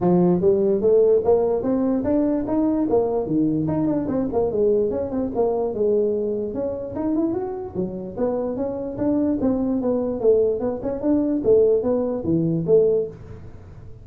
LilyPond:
\new Staff \with { instrumentName = "tuba" } { \time 4/4 \tempo 4 = 147 f4 g4 a4 ais4 | c'4 d'4 dis'4 ais4 | dis4 dis'8 d'8 c'8 ais8 gis4 | cis'8 c'8 ais4 gis2 |
cis'4 dis'8 e'8 fis'4 fis4 | b4 cis'4 d'4 c'4 | b4 a4 b8 cis'8 d'4 | a4 b4 e4 a4 | }